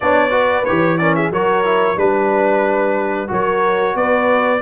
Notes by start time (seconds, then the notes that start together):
0.00 B3 D4 C#5 D5
0.30 F#4 B4
0.64 E3 G4 C#5
0.97 C#4 A#4 D5
1.15 G#4 E5
1.30 F#3 F#4 A#4 C#5
1.64 E4
1.96 G3 D4 B4
3.27 F#3 F#4 A#4 C#5
3.95 B3 B4 D5